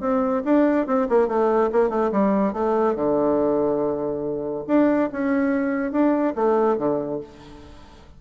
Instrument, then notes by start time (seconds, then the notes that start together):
bassoon
0.00 C4
0.44 D4
0.86 C4
1.09 A#3
1.28 A3
1.72 A#3
1.89 A3
2.12 G3
2.53 A3
2.95 D3
4.67 D4
5.12 C#4
5.91 D4
6.35 A3
6.78 D3